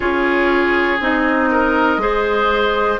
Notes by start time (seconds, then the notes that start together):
0.00 C#4 F4 G#4 C#5
1.00 C4 D#4 D#5
1.51 A#4
1.97 G#3 G#4 C5